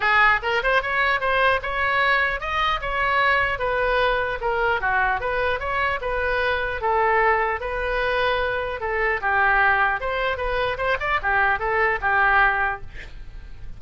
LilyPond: \new Staff \with { instrumentName = "oboe" } { \time 4/4 \tempo 4 = 150 gis'4 ais'8 c''8 cis''4 c''4 | cis''2 dis''4 cis''4~ | cis''4 b'2 ais'4 | fis'4 b'4 cis''4 b'4~ |
b'4 a'2 b'4~ | b'2 a'4 g'4~ | g'4 c''4 b'4 c''8 d''8 | g'4 a'4 g'2 | }